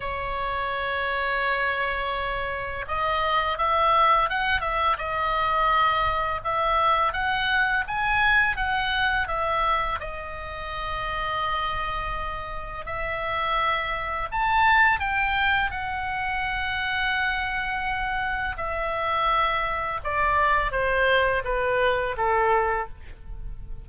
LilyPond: \new Staff \with { instrumentName = "oboe" } { \time 4/4 \tempo 4 = 84 cis''1 | dis''4 e''4 fis''8 e''8 dis''4~ | dis''4 e''4 fis''4 gis''4 | fis''4 e''4 dis''2~ |
dis''2 e''2 | a''4 g''4 fis''2~ | fis''2 e''2 | d''4 c''4 b'4 a'4 | }